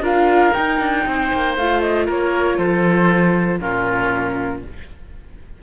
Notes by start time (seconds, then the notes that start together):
0.00 D4 F4 A#4 F5
0.53 D#4 G5
0.80 D4
1.06 C4 C5
1.33 A#3
1.57 A3 F4 F5
1.81 D#5
2.06 A#3 A#4 C#5
2.57 F3 A4 C5
3.60 A#2 C#4 F4 A#4